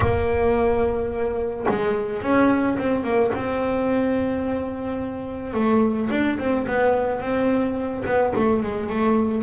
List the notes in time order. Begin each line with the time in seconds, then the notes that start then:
0.00 A#3
1.68 G#3
2.21 C#4
2.78 C4
3.03 A#3
3.34 C4
5.53 A3
6.10 D4
6.38 C4
6.67 B3
7.20 C4
8.05 B3
8.35 A3
8.63 G#3
8.89 A3